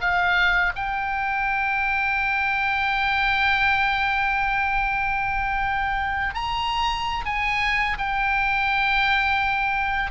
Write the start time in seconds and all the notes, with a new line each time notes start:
0.00 F5
0.75 G5
6.34 A#5
7.25 G#5
7.97 G5